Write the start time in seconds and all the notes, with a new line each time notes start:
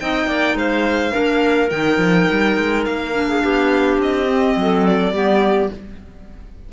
0.00 C4 D#4 D#5 G5
0.26 A#3 D5
0.55 G#3 C5 F5
1.11 A#3 D4 A#4
1.70 D#3 D#4 G5
1.98 F3
2.31 G3
2.58 G#3
2.86 A#3 F5
3.12 D4
3.28 G#4
3.43 B3 G4
3.98 C4 D#5
4.27 C4
4.56 F#3 A4
4.87 D5
5.12 G3 B3 G4